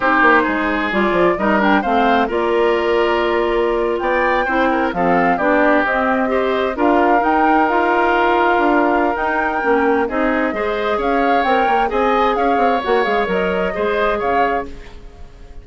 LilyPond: <<
  \new Staff \with { instrumentName = "flute" } { \time 4/4 \tempo 4 = 131 c''2 d''4 dis''8 g''8 | f''4 d''2.~ | d''8. g''2 f''4 d''16~ | d''8. dis''2 f''4 g''16~ |
g''8. f''2.~ f''16 | g''2 dis''2 | f''4 g''4 gis''4 f''4 | fis''8 f''8 dis''2 f''4 | }
  \new Staff \with { instrumentName = "oboe" } { \time 4/4 g'4 gis'2 ais'4 | c''4 ais'2.~ | ais'8. d''4 c''8 ais'8 a'4 g'16~ | g'4.~ g'16 c''4 ais'4~ ais'16~ |
ais'1~ | ais'2 gis'4 c''4 | cis''2 dis''4 cis''4~ | cis''2 c''4 cis''4 | }
  \new Staff \with { instrumentName = "clarinet" } { \time 4/4 dis'2 f'4 dis'8 d'8 | c'4 f'2.~ | f'4.~ f'16 e'4 c'4 d'16~ | d'8. c'4 g'4 f'4 dis'16~ |
dis'8. f'2.~ f'16 | dis'4 cis'4 dis'4 gis'4~ | gis'4 ais'4 gis'2 | fis'8 gis'8 ais'4 gis'2 | }
  \new Staff \with { instrumentName = "bassoon" } { \time 4/4 c'8 ais8 gis4 g8 f8 g4 | a4 ais2.~ | ais8. b4 c'4 f4 b16~ | b8. c'2 d'4 dis'16~ |
dis'2~ dis'8. d'4~ d'16 | dis'4 ais4 c'4 gis4 | cis'4 c'8 ais8 c'4 cis'8 c'8 | ais8 gis8 fis4 gis4 cis4 | }
>>